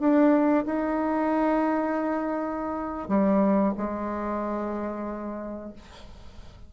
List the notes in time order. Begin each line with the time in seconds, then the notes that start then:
0.00 D4
0.66 D#4
3.09 G3
3.78 G#3